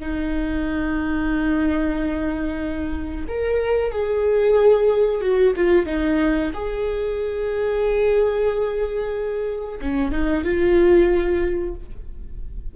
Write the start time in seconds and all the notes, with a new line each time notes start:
0.00 D#4
3.28 A#4
3.92 G#4
5.21 F#4
5.56 F4
5.86 D#4
6.54 G#4
9.81 C#4
10.11 D#4
10.44 F4